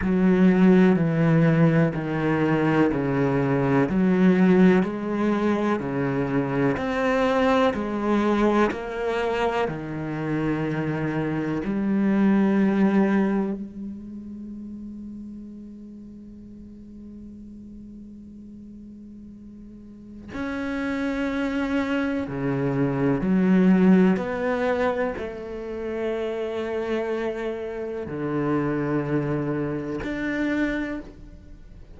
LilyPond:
\new Staff \with { instrumentName = "cello" } { \time 4/4 \tempo 4 = 62 fis4 e4 dis4 cis4 | fis4 gis4 cis4 c'4 | gis4 ais4 dis2 | g2 gis2~ |
gis1~ | gis4 cis'2 cis4 | fis4 b4 a2~ | a4 d2 d'4 | }